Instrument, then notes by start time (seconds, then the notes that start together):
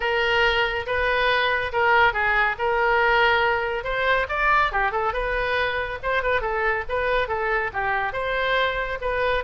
oboe
0.00 A#4
0.86 B4
1.72 A#4
2.13 G#4
2.58 A#4
3.84 C5
4.29 D5
4.72 G4
4.91 A4
5.13 B4
6.03 C5
6.22 B4
6.41 A4
6.88 B4
7.28 A4
7.73 G4
8.12 C5
9.01 B4